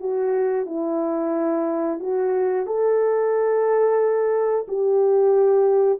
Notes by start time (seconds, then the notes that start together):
0.00 F#4
0.66 E4
2.00 F#4
2.66 A4
4.68 G4